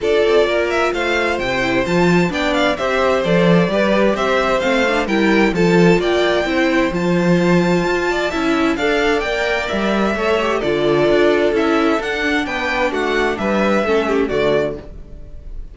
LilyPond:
<<
  \new Staff \with { instrumentName = "violin" } { \time 4/4 \tempo 4 = 130 d''4. e''8 f''4 g''4 | a''4 g''8 f''8 e''4 d''4~ | d''4 e''4 f''4 g''4 | a''4 g''2 a''4~ |
a''2. f''4 | g''4 e''2 d''4~ | d''4 e''4 fis''4 g''4 | fis''4 e''2 d''4 | }
  \new Staff \with { instrumentName = "violin" } { \time 4/4 a'4 ais'4 c''2~ | c''4 d''4 c''2 | b'4 c''2 ais'4 | a'4 d''4 c''2~ |
c''4. d''8 e''4 d''4~ | d''2 cis''4 a'4~ | a'2. b'4 | fis'4 b'4 a'8 g'8 fis'4 | }
  \new Staff \with { instrumentName = "viola" } { \time 4/4 f'2.~ f'8 e'8 | f'4 d'4 g'4 a'4 | g'2 c'8 d'8 e'4 | f'2 e'4 f'4~ |
f'2 e'4 a'4 | ais'2 a'8 g'8 f'4~ | f'4 e'4 d'2~ | d'2 cis'4 a4 | }
  \new Staff \with { instrumentName = "cello" } { \time 4/4 d'8 c'8 ais4 a4 c4 | f4 b4 c'4 f4 | g4 c'4 a4 g4 | f4 ais4 c'4 f4~ |
f4 f'4 cis'4 d'4 | ais4 g4 a4 d4 | d'4 cis'4 d'4 b4 | a4 g4 a4 d4 | }
>>